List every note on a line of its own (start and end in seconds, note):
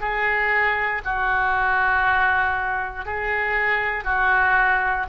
0.00 1.02 G#4
1.04 3.06 F#4
3.06 4.04 G#4
4.04 5.06 F#4